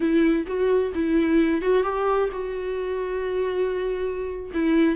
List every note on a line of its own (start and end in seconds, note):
0.00 0.46 E4
0.46 0.92 F#4
0.94 1.61 E4
1.61 1.83 F#4
1.83 2.29 G4
2.31 4.51 F#4
4.53 4.95 E4